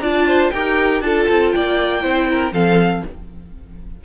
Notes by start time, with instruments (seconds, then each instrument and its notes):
0.00 cello D4, viola F4, violin D5 A5
0.27 violin C5
0.50 cello D#4, viola G4, violin A#4 G5
1.00 cello D4, viola F4, violin A4 A5
1.28 cello C4
1.51 cello A#3, violin D5 G5
2.01 cello C4, viola E4, violin C5
2.31 violin A#4
2.52 cello F3, viola C4, violin A4 F5